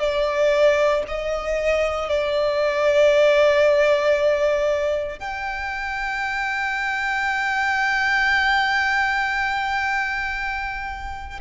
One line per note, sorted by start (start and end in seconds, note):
0.00 1.03 D5
1.08 2.09 D#5
2.09 5.20 D5
5.20 11.40 G5